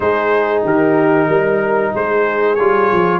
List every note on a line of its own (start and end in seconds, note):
0.00 0.64 G#3
0.00 2.57 D#4
0.00 0.64 G#4
0.00 0.63 C5
0.64 1.28 D#3
0.64 1.27 G4
0.64 1.95 A#4
1.27 1.92 G3
1.27 1.92 A#4
1.93 2.58 G#3
1.93 3.20 G#4
1.93 2.55 C5
2.55 2.91 G3
2.55 3.20 F4
2.55 3.19 C#5
2.92 3.20 F3